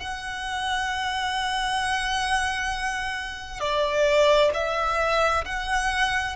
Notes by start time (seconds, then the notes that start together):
0.00 F#5
3.60 D5
4.54 E5
5.45 F#5